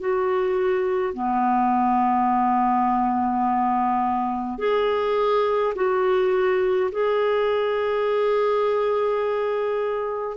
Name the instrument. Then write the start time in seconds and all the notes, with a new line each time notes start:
clarinet
0.00 F#4
1.14 B3
4.58 G#4
5.75 F#4
6.92 G#4